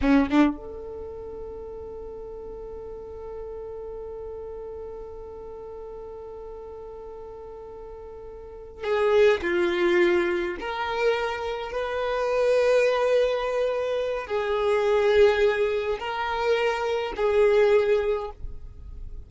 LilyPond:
\new Staff \with { instrumentName = "violin" } { \time 4/4 \tempo 4 = 105 cis'8 d'8 a'2.~ | a'1~ | a'1~ | a'2.~ a'8 gis'8~ |
gis'8 f'2 ais'4.~ | ais'8 b'2.~ b'8~ | b'4 gis'2. | ais'2 gis'2 | }